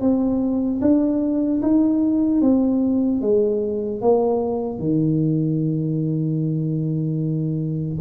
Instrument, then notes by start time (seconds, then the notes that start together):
tuba
0.00 C4
0.81 D4
1.62 D#4
2.41 C4
3.21 G#3
4.01 A#3
4.79 D#3